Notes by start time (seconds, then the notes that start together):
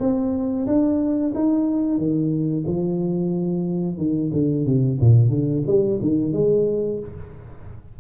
0.00 C4
0.67 D4
1.35 D#4
1.98 D#3
2.67 F3
3.98 D#3
4.33 D3
4.66 C3
5.01 A#2
5.30 D3
5.67 G3
6.02 D#3
6.33 G#3